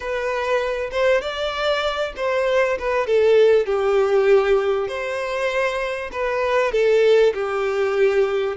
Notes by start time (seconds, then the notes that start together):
0.00 B4
0.91 C5
1.21 D5
2.16 C5
2.78 B4
3.06 A4
3.65 G4
4.88 C5
6.12 B4
6.72 A4
7.34 G4